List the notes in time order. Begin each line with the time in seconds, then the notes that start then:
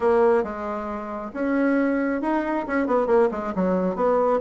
0.00 A#3
0.43 G#3
1.33 C#4
2.21 D#4
2.67 C#4
2.86 B3
3.07 A#3
3.31 G#3
3.55 F#3
3.95 B3